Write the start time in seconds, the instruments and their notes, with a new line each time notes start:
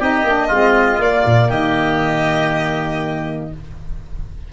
0.00 tuba C4, saxophone D#4, oboe G4, violin D#5
0.24 tuba A#3, saxophone D4
0.48 tuba G#3, saxophone C4, oboe F4
0.99 tuba A#3, saxophone A#3, violin D5
1.26 tuba A#2
1.49 tuba D#3, oboe G4, violin D#5